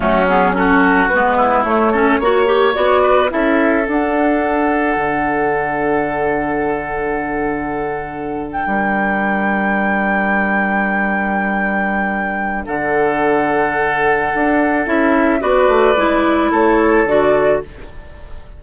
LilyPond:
<<
  \new Staff \with { instrumentName = "flute" } { \time 4/4 \tempo 4 = 109 fis'8 gis'8 a'4 b'4 cis''4~ | cis''4 d''4 e''4 fis''4~ | fis''1~ | fis''2.~ fis''8 g''8~ |
g''1~ | g''2. fis''4~ | fis''2. e''4 | d''2 cis''4 d''4 | }
  \new Staff \with { instrumentName = "oboe" } { \time 4/4 cis'4 fis'4. e'4 a'8 | cis''4. b'8 a'2~ | a'1~ | a'2.~ a'8. ais'16~ |
ais'1~ | ais'2. a'4~ | a'1 | b'2 a'2 | }
  \new Staff \with { instrumentName = "clarinet" } { \time 4/4 a8 b8 cis'4 b4 a8 cis'8 | fis'8 g'8 fis'4 e'4 d'4~ | d'1~ | d'1~ |
d'1~ | d'1~ | d'2. e'4 | fis'4 e'2 fis'4 | }
  \new Staff \with { instrumentName = "bassoon" } { \time 4/4 fis2 gis4 a4 | ais4 b4 cis'4 d'4~ | d'4 d2.~ | d2.~ d8. g16~ |
g1~ | g2. d4~ | d2 d'4 cis'4 | b8 a8 gis4 a4 d4 | }
>>